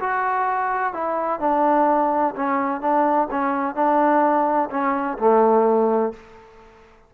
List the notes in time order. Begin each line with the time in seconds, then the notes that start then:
0.00 F#4
0.93 E4
1.40 D4
2.36 C#4
2.81 D4
3.31 C#4
3.75 D4
4.71 C#4
5.18 A3